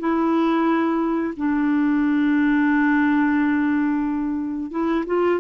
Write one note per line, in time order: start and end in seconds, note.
0.00 1.35 E4
1.37 4.72 D4
4.72 5.05 E4
5.07 5.41 F4